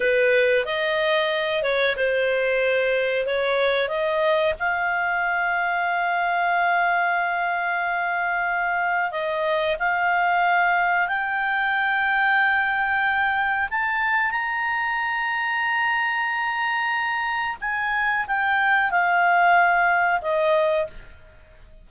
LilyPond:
\new Staff \with { instrumentName = "clarinet" } { \time 4/4 \tempo 4 = 92 b'4 dis''4. cis''8 c''4~ | c''4 cis''4 dis''4 f''4~ | f''1~ | f''2 dis''4 f''4~ |
f''4 g''2.~ | g''4 a''4 ais''2~ | ais''2. gis''4 | g''4 f''2 dis''4 | }